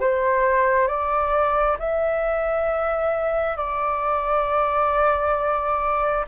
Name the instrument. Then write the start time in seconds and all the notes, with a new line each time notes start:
flute
0.00 C5
0.87 D5
1.79 E5
3.56 D5